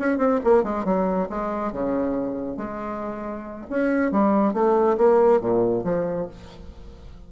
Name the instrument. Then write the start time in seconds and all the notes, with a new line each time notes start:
bassoon
0.00 C#4
0.18 C4
0.44 A#3
0.64 G#3
0.85 F#3
1.30 G#3
1.73 C#3
2.58 G#3
3.70 C#4
4.12 G3
4.54 A3
4.98 A#3
5.41 A#2
5.84 F3